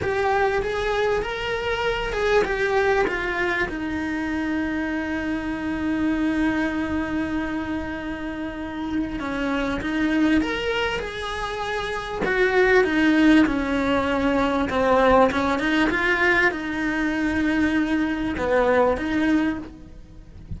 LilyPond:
\new Staff \with { instrumentName = "cello" } { \time 4/4 \tempo 4 = 98 g'4 gis'4 ais'4. gis'8 | g'4 f'4 dis'2~ | dis'1~ | dis'2. cis'4 |
dis'4 ais'4 gis'2 | fis'4 dis'4 cis'2 | c'4 cis'8 dis'8 f'4 dis'4~ | dis'2 b4 dis'4 | }